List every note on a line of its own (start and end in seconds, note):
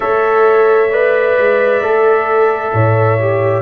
0.00 1.37 A3
0.00 0.88 A4
0.00 0.90 C#5
0.00 3.62 E5
0.90 1.82 B4
0.90 2.71 D5
1.37 1.82 G#3
1.82 2.73 A3
1.82 3.18 A4
2.73 3.62 A2
2.73 3.62 C#5
3.19 3.62 G4